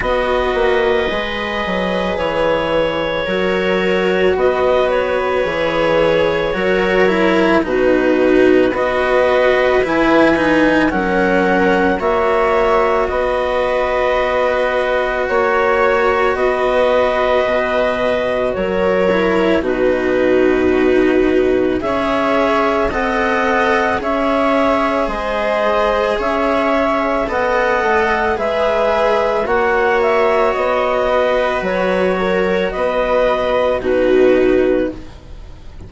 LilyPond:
<<
  \new Staff \with { instrumentName = "clarinet" } { \time 4/4 \tempo 4 = 55 dis''2 cis''2 | dis''8 cis''2~ cis''8 b'4 | dis''4 gis''4 fis''4 e''4 | dis''2 cis''4 dis''4~ |
dis''4 cis''4 b'2 | e''4 fis''4 e''4 dis''4 | e''4 fis''4 e''4 fis''8 e''8 | dis''4 cis''4 dis''4 b'4 | }
  \new Staff \with { instrumentName = "viola" } { \time 4/4 b'2. ais'4 | b'2 ais'4 fis'4 | b'2 ais'4 cis''4 | b'2 cis''4 b'4~ |
b'4 ais'4 fis'2 | cis''4 dis''4 cis''4 c''4 | cis''4 dis''4 b'4 cis''4~ | cis''8 b'4 ais'8 b'4 fis'4 | }
  \new Staff \with { instrumentName = "cello" } { \time 4/4 fis'4 gis'2 fis'4~ | fis'4 gis'4 fis'8 e'8 dis'4 | fis'4 e'8 dis'8 cis'4 fis'4~ | fis'1~ |
fis'4. e'8 dis'2 | gis'4 a'4 gis'2~ | gis'4 a'4 gis'4 fis'4~ | fis'2. dis'4 | }
  \new Staff \with { instrumentName = "bassoon" } { \time 4/4 b8 ais8 gis8 fis8 e4 fis4 | b4 e4 fis4 b,4 | b4 e4 fis4 ais4 | b2 ais4 b4 |
b,4 fis4 b,2 | cis'4 c'4 cis'4 gis4 | cis'4 b8 a8 gis4 ais4 | b4 fis4 b4 b,4 | }
>>